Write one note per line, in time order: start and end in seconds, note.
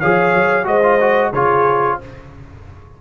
0.00 0.34 F3
0.00 0.64 G#4
0.00 0.66 C#5
0.00 0.66 F5
0.34 0.66 F#3
0.64 1.32 G#3
0.64 0.80 F#4
0.64 1.31 C5
0.64 1.33 D#5
0.83 0.99 F4
1.01 1.34 F#4
1.31 1.98 C#3
1.31 2.01 F4
1.31 1.97 G#4
1.31 1.99 C#5